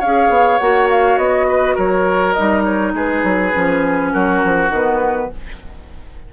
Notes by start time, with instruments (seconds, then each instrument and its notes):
0.00 bassoon C#4, clarinet G#4, oboe C#5, flute F5
0.29 bassoon B3
0.59 bassoon A#3, clarinet F#4, flute F#5
0.90 flute F5
1.17 bassoon B3, flute D#5
1.49 oboe B4
1.75 bassoon F#3, oboe A#4, flute C#5
2.33 bassoon G3, clarinet D#4, flute D#5
2.64 flute C#5
2.94 bassoon G#3, oboe G#4, flute B4
3.24 bassoon F#3
3.53 bassoon F3, clarinet C#4
4.12 bassoon F#3, oboe F#4, flute A#4
4.45 bassoon F3
4.70 bassoon D#3, clarinet B3, flute B4